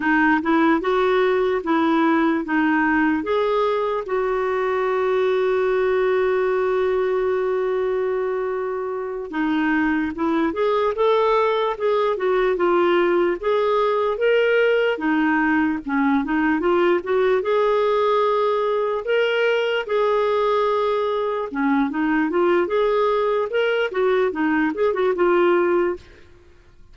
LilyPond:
\new Staff \with { instrumentName = "clarinet" } { \time 4/4 \tempo 4 = 74 dis'8 e'8 fis'4 e'4 dis'4 | gis'4 fis'2.~ | fis'2.~ fis'8 dis'8~ | dis'8 e'8 gis'8 a'4 gis'8 fis'8 f'8~ |
f'8 gis'4 ais'4 dis'4 cis'8 | dis'8 f'8 fis'8 gis'2 ais'8~ | ais'8 gis'2 cis'8 dis'8 f'8 | gis'4 ais'8 fis'8 dis'8 gis'16 fis'16 f'4 | }